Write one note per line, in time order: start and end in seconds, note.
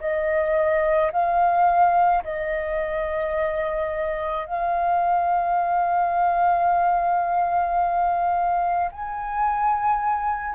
0.00 1.11 D#5
1.12 2.23 F5
2.24 4.46 D#5
4.46 8.90 F5
8.91 10.55 G#5